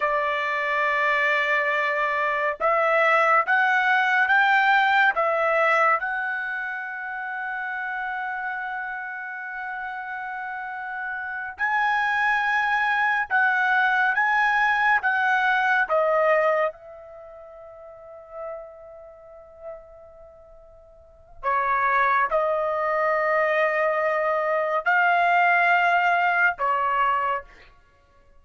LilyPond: \new Staff \with { instrumentName = "trumpet" } { \time 4/4 \tempo 4 = 70 d''2. e''4 | fis''4 g''4 e''4 fis''4~ | fis''1~ | fis''4. gis''2 fis''8~ |
fis''8 gis''4 fis''4 dis''4 e''8~ | e''1~ | e''4 cis''4 dis''2~ | dis''4 f''2 cis''4 | }